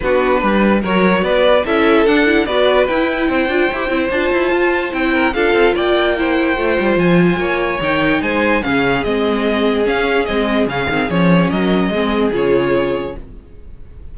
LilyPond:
<<
  \new Staff \with { instrumentName = "violin" } { \time 4/4 \tempo 4 = 146 b'2 cis''4 d''4 | e''4 fis''4 d''4 g''4~ | g''2 a''2 | g''4 f''4 g''2~ |
g''4 gis''2 g''4 | gis''4 f''4 dis''2 | f''4 dis''4 f''4 cis''4 | dis''2 cis''2 | }
  \new Staff \with { instrumentName = "violin" } { \time 4/4 fis'4 b'4 ais'4 b'4 | a'2 b'2 | c''1~ | c''8 ais'8 a'4 d''4 c''4~ |
c''2 cis''2 | c''4 gis'2.~ | gis'1 | ais'4 gis'2. | }
  \new Staff \with { instrumentName = "viola" } { \time 4/4 d'2 fis'2 | e'4 d'8 e'8 fis'4 e'4~ | e'8 f'8 g'8 e'8 f'2 | e'4 f'2 e'4 |
f'2. dis'4~ | dis'4 cis'4 c'2 | cis'4 c'4 cis'8 c'8 cis'4~ | cis'4 c'4 f'2 | }
  \new Staff \with { instrumentName = "cello" } { \time 4/4 b4 g4 fis4 b4 | cis'4 d'4 b4 e'4 | c'8 d'8 e'8 c'8 d'8 e'8 f'4 | c'4 d'8 c'8 ais2 |
a8 g8 f4 ais4 dis4 | gis4 cis4 gis2 | cis'4 gis4 cis8 dis8 f4 | fis4 gis4 cis2 | }
>>